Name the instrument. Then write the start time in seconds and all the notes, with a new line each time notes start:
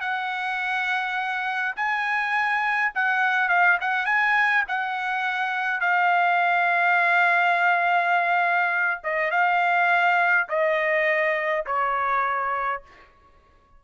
trumpet
0.00 F#5
1.76 G#5
2.94 F#5
3.48 F5
3.80 F#5
4.05 G#5
4.68 F#5
5.80 F5
9.03 D#5
9.30 F5
10.48 D#5
11.66 C#5